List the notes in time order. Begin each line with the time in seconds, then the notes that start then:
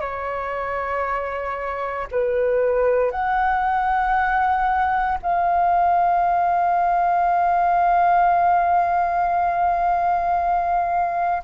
0.00 C#5
2.11 B4
3.11 F#5
5.22 F5